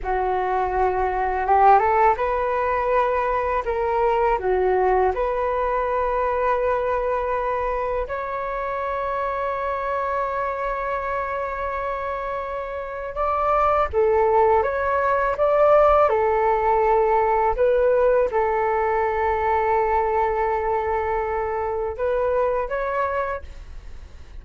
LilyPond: \new Staff \with { instrumentName = "flute" } { \time 4/4 \tempo 4 = 82 fis'2 g'8 a'8 b'4~ | b'4 ais'4 fis'4 b'4~ | b'2. cis''4~ | cis''1~ |
cis''2 d''4 a'4 | cis''4 d''4 a'2 | b'4 a'2.~ | a'2 b'4 cis''4 | }